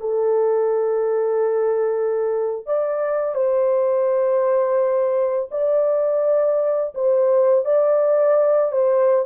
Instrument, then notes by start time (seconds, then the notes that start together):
horn
0.00 A4
2.66 D5
3.34 C5
5.51 D5
6.94 C5
7.65 D5
8.72 C5